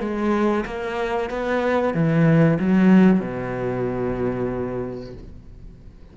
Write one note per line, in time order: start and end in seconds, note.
0.00 0.65 G#3
0.65 1.30 A#3
1.30 1.94 B3
1.94 2.58 E3
2.59 3.20 F#3
3.20 5.13 B2